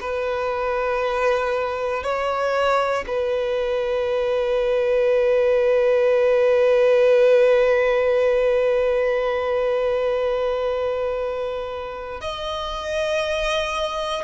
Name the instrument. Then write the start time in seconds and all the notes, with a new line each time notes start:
violin
0.00 B4
2.02 C#5
3.07 B4
12.20 D#5